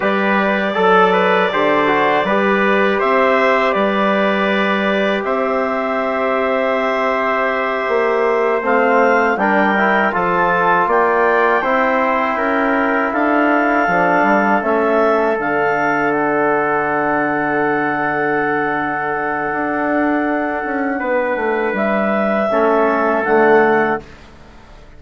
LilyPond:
<<
  \new Staff \with { instrumentName = "clarinet" } { \time 4/4 \tempo 4 = 80 d''1 | e''4 d''2 e''4~ | e''2.~ e''8 f''8~ | f''8 g''4 a''4 g''4.~ |
g''4. f''2 e''8~ | e''8 f''4 fis''2~ fis''8~ | fis''1~ | fis''4 e''2 fis''4 | }
  \new Staff \with { instrumentName = "trumpet" } { \time 4/4 b'4 a'8 b'8 c''4 b'4 | c''4 b'2 c''4~ | c''1~ | c''8 ais'4 a'4 d''4 c''8~ |
c''8 ais'4 a'2~ a'8~ | a'1~ | a'1 | b'2 a'2 | }
  \new Staff \with { instrumentName = "trombone" } { \time 4/4 g'4 a'4 g'8 fis'8 g'4~ | g'1~ | g'2.~ g'8 c'8~ | c'8 d'8 e'8 f'2 e'8~ |
e'2~ e'8 d'4 cis'8~ | cis'8 d'2.~ d'8~ | d'1~ | d'2 cis'4 a4 | }
  \new Staff \with { instrumentName = "bassoon" } { \time 4/4 g4 fis4 d4 g4 | c'4 g2 c'4~ | c'2~ c'8 ais4 a8~ | a8 g4 f4 ais4 c'8~ |
c'8 cis'4 d'4 f8 g8 a8~ | a8 d2.~ d8~ | d2 d'4. cis'8 | b8 a8 g4 a4 d4 | }
>>